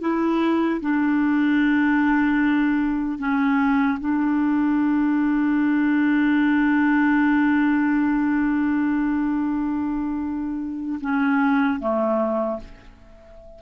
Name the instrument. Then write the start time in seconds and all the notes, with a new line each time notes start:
clarinet
0.00 E4
0.80 D4
3.18 C#4
3.99 D4
11.00 C#4
11.79 A3